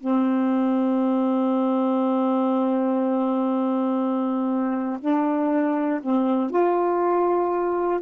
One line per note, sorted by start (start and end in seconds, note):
0.00 5.00 C4
5.01 6.01 D4
6.02 6.50 C4
6.50 8.00 F4